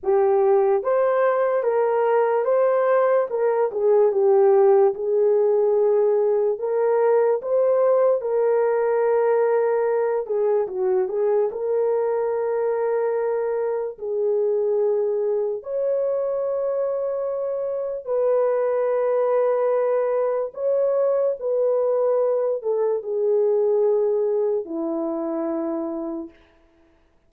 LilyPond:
\new Staff \with { instrumentName = "horn" } { \time 4/4 \tempo 4 = 73 g'4 c''4 ais'4 c''4 | ais'8 gis'8 g'4 gis'2 | ais'4 c''4 ais'2~ | ais'8 gis'8 fis'8 gis'8 ais'2~ |
ais'4 gis'2 cis''4~ | cis''2 b'2~ | b'4 cis''4 b'4. a'8 | gis'2 e'2 | }